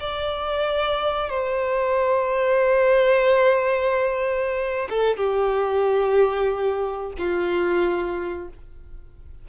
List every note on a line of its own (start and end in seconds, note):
0.00 1.30 D5
1.30 4.88 C5
4.89 5.17 A4
5.17 7.12 G4
7.18 8.48 F4